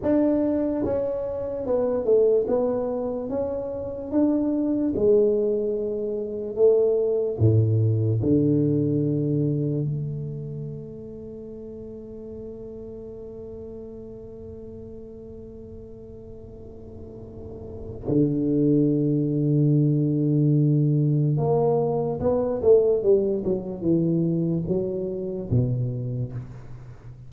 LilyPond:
\new Staff \with { instrumentName = "tuba" } { \time 4/4 \tempo 4 = 73 d'4 cis'4 b8 a8 b4 | cis'4 d'4 gis2 | a4 a,4 d2 | a1~ |
a1~ | a2 d2~ | d2 ais4 b8 a8 | g8 fis8 e4 fis4 b,4 | }